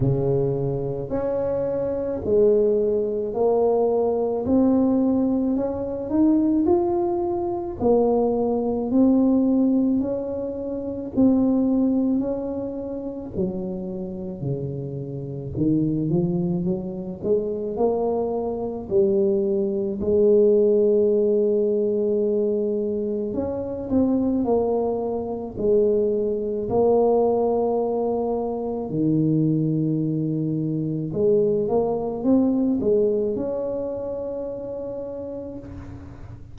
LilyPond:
\new Staff \with { instrumentName = "tuba" } { \time 4/4 \tempo 4 = 54 cis4 cis'4 gis4 ais4 | c'4 cis'8 dis'8 f'4 ais4 | c'4 cis'4 c'4 cis'4 | fis4 cis4 dis8 f8 fis8 gis8 |
ais4 g4 gis2~ | gis4 cis'8 c'8 ais4 gis4 | ais2 dis2 | gis8 ais8 c'8 gis8 cis'2 | }